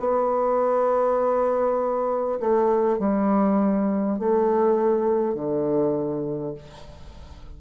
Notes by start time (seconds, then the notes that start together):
0.00 B3
2.41 A3
2.99 G3
4.19 A3
5.35 D3